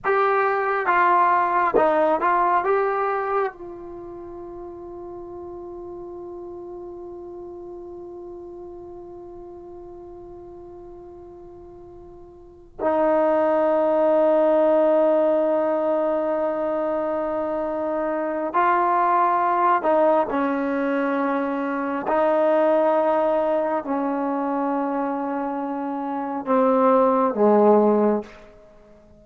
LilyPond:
\new Staff \with { instrumentName = "trombone" } { \time 4/4 \tempo 4 = 68 g'4 f'4 dis'8 f'8 g'4 | f'1~ | f'1~ | f'2~ f'8 dis'4.~ |
dis'1~ | dis'4 f'4. dis'8 cis'4~ | cis'4 dis'2 cis'4~ | cis'2 c'4 gis4 | }